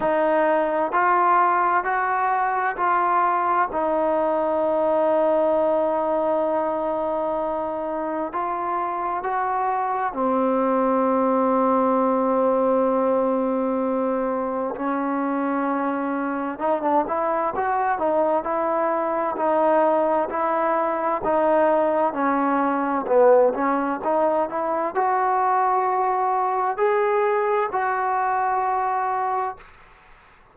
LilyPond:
\new Staff \with { instrumentName = "trombone" } { \time 4/4 \tempo 4 = 65 dis'4 f'4 fis'4 f'4 | dis'1~ | dis'4 f'4 fis'4 c'4~ | c'1 |
cis'2 dis'16 d'16 e'8 fis'8 dis'8 | e'4 dis'4 e'4 dis'4 | cis'4 b8 cis'8 dis'8 e'8 fis'4~ | fis'4 gis'4 fis'2 | }